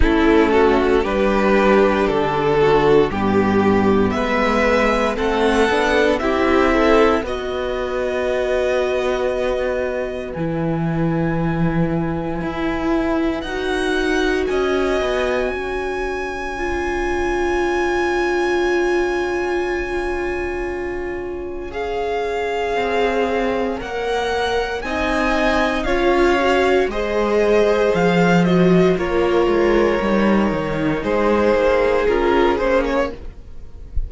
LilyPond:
<<
  \new Staff \with { instrumentName = "violin" } { \time 4/4 \tempo 4 = 58 a'4 b'4 a'4 g'4 | e''4 fis''4 e''4 dis''4~ | dis''2 gis''2~ | gis''4 fis''4 gis''2~ |
gis''1~ | gis''4 f''2 fis''4 | gis''4 f''4 dis''4 f''8 dis''8 | cis''2 c''4 ais'8 c''16 cis''16 | }
  \new Staff \with { instrumentName = "violin" } { \time 4/4 e'8 fis'8 g'4. fis'8 g'4 | b'4 a'4 g'8 a'8 b'4~ | b'1~ | b'2 dis''4 cis''4~ |
cis''1~ | cis''1 | dis''4 cis''4 c''2 | ais'2 gis'2 | }
  \new Staff \with { instrumentName = "viola" } { \time 4/4 cis'4 d'2 b4~ | b4 c'8 d'8 e'4 fis'4~ | fis'2 e'2~ | e'4 fis'2. |
f'1~ | f'4 gis'2 ais'4 | dis'4 f'8 fis'8 gis'4. fis'8 | f'4 dis'2 f'8 cis'8 | }
  \new Staff \with { instrumentName = "cello" } { \time 4/4 a4 g4 d4 g,4 | gis4 a8 b8 c'4 b4~ | b2 e2 | e'4 dis'4 cis'8 b8 cis'4~ |
cis'1~ | cis'2 c'4 ais4 | c'4 cis'4 gis4 f4 | ais8 gis8 g8 dis8 gis8 ais8 cis'8 ais8 | }
>>